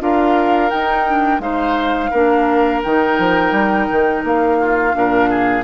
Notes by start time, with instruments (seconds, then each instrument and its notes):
0.00 bassoon D4, clarinet F4, oboe A#4, flute F5
0.70 clarinet D#4, bassoon D#4, flute G5
1.07 clarinet D4
1.40 bassoon G#3, clarinet D#4, oboe C5, flute F5
2.11 bassoon A#3, clarinet D4, oboe A#4
2.84 bassoon D#3, clarinet D#4, flute G5
3.19 bassoon F3
3.52 bassoon G3
3.92 bassoon D#3
4.24 bassoon A#3, flute F5
4.61 oboe F4
4.94 bassoon A#2, clarinet D4, oboe A#4
5.30 oboe G#4